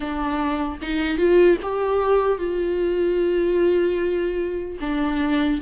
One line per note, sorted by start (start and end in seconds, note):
0.00 0.78 D4
0.81 1.17 D#4
1.17 1.57 F4
1.62 2.37 G4
2.37 4.77 F4
4.80 5.60 D4